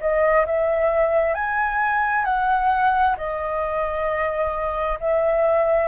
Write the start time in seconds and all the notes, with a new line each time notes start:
0.00 D#5
0.46 E5
1.34 G#5
2.25 F#5
3.17 D#5
5.00 E5